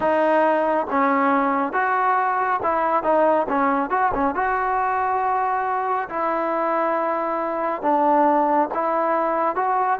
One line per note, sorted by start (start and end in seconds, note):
0.00 0.87 D#4
0.90 1.72 C#4
1.72 2.59 F#4
2.62 3.03 E4
3.03 3.46 D#4
3.48 3.90 C#4
3.90 4.11 F#4
4.13 4.34 C#4
4.34 6.08 F#4
6.09 7.81 E4
7.81 8.68 D4
8.74 9.55 E4
9.55 9.99 F#4